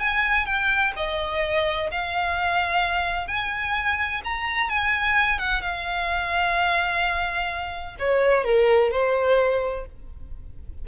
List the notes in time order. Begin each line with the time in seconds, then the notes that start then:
0.00 G#5
0.46 G5
0.97 D#5
1.92 F5
3.28 G#5
4.24 A#5
4.70 G#5
5.39 F#5
5.62 F5
7.99 C#5
8.45 A#4
8.92 C5